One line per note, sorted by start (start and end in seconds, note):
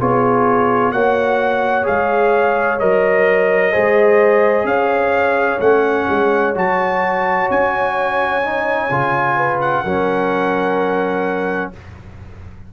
0.00 0.93 B3
0.00 0.94 F4
0.00 0.94 G#4
0.00 0.92 C#5
0.92 1.87 A#3
0.92 1.84 F#4
0.92 3.73 C#5
0.92 1.86 F#5
1.84 2.82 G#3
1.84 2.78 G#4
1.84 2.80 F5
2.80 3.75 F#3
2.80 3.73 A#4
2.80 4.67 D#5
3.73 4.65 G#3
3.73 5.60 G#4
3.73 4.67 C5
4.65 5.58 C#4
4.65 9.37 C#5
4.65 5.60 F5
5.60 6.07 A3
5.60 6.55 C#4
5.60 6.54 F#5
6.10 6.56 G#3
6.55 7.50 F#3
6.55 8.42 F#4
6.55 7.51 A5
7.51 8.91 C#4
7.51 9.61 G#5
8.43 8.90 D#4
8.91 9.85 C#3
8.91 9.85 F4
9.37 9.84 B4
9.61 11.72 F#5
9.85 11.72 F#3
9.85 11.73 C#4
9.85 11.72 A#4